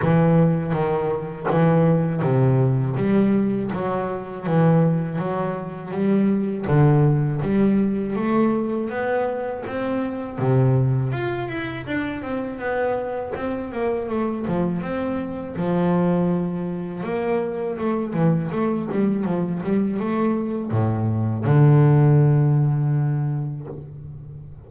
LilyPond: \new Staff \with { instrumentName = "double bass" } { \time 4/4 \tempo 4 = 81 e4 dis4 e4 c4 | g4 fis4 e4 fis4 | g4 d4 g4 a4 | b4 c'4 c4 f'8 e'8 |
d'8 c'8 b4 c'8 ais8 a8 f8 | c'4 f2 ais4 | a8 e8 a8 g8 f8 g8 a4 | a,4 d2. | }